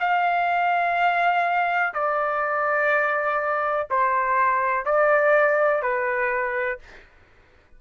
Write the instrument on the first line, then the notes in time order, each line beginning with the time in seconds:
trumpet
0.00 F5
1.94 D5
3.90 C5
4.85 D5
5.82 B4